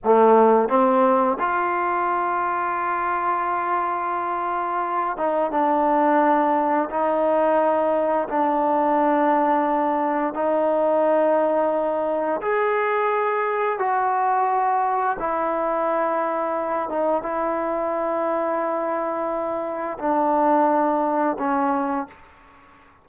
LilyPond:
\new Staff \with { instrumentName = "trombone" } { \time 4/4 \tempo 4 = 87 a4 c'4 f'2~ | f'2.~ f'8 dis'8 | d'2 dis'2 | d'2. dis'4~ |
dis'2 gis'2 | fis'2 e'2~ | e'8 dis'8 e'2.~ | e'4 d'2 cis'4 | }